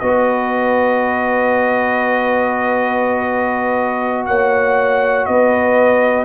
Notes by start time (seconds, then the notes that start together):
0.00 B3 F#4 B4 D#5
4.26 A#3 C#5 F#5
5.26 B3 B4 D#5